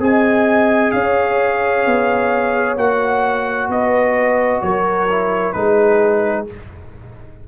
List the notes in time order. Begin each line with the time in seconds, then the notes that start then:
0.00 C4 G#4 D#5 G#5
0.91 C#4 C#5 F5
1.86 B3
2.77 A#3 F#4 F#5
3.69 B3 B4 D#5
4.62 F#3 A#4 C#5
5.10 E4
5.53 G#3 D#4 G#4 B4